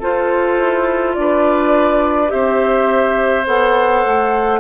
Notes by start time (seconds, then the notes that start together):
0.00 F4 A4 C5
0.59 E4
1.15 D4 B4 D5
2.28 C4 G4 C5 E5
3.47 B3 A4 F#5
4.06 A3